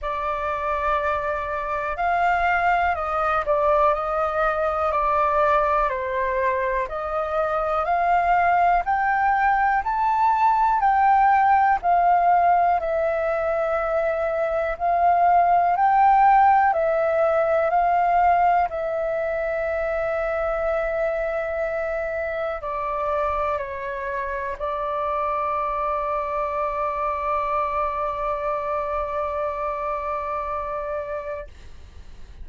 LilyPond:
\new Staff \with { instrumentName = "flute" } { \time 4/4 \tempo 4 = 61 d''2 f''4 dis''8 d''8 | dis''4 d''4 c''4 dis''4 | f''4 g''4 a''4 g''4 | f''4 e''2 f''4 |
g''4 e''4 f''4 e''4~ | e''2. d''4 | cis''4 d''2.~ | d''1 | }